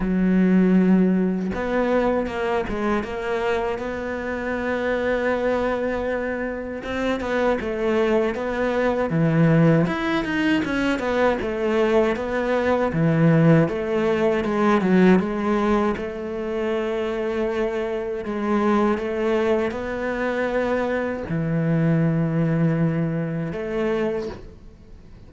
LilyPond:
\new Staff \with { instrumentName = "cello" } { \time 4/4 \tempo 4 = 79 fis2 b4 ais8 gis8 | ais4 b2.~ | b4 c'8 b8 a4 b4 | e4 e'8 dis'8 cis'8 b8 a4 |
b4 e4 a4 gis8 fis8 | gis4 a2. | gis4 a4 b2 | e2. a4 | }